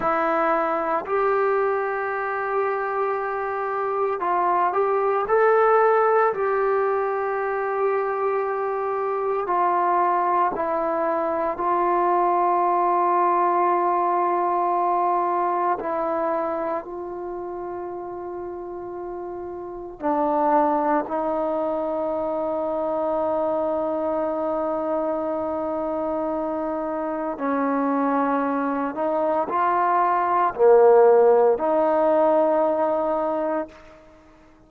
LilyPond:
\new Staff \with { instrumentName = "trombone" } { \time 4/4 \tempo 4 = 57 e'4 g'2. | f'8 g'8 a'4 g'2~ | g'4 f'4 e'4 f'4~ | f'2. e'4 |
f'2. d'4 | dis'1~ | dis'2 cis'4. dis'8 | f'4 ais4 dis'2 | }